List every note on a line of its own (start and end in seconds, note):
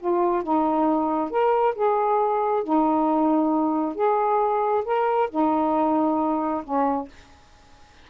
0.00 0.43 F4
0.43 1.30 D#4
1.30 1.75 A#4
1.75 2.64 G#4
2.64 3.95 D#4
3.95 4.84 G#4
4.85 5.30 A#4
5.31 6.64 D#4
6.64 7.08 C#4